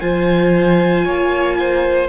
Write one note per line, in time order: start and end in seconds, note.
0.00 1.05 F3
0.00 2.07 F4
0.00 1.05 C5
0.00 2.07 G#5
1.05 2.08 A#3
1.05 1.56 C#5
1.59 2.08 C5